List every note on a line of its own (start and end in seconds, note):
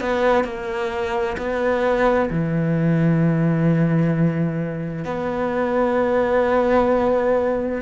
0.00 0.44 B3
0.44 1.36 A#3
1.37 2.30 B3
2.30 5.04 E3
5.04 7.81 B3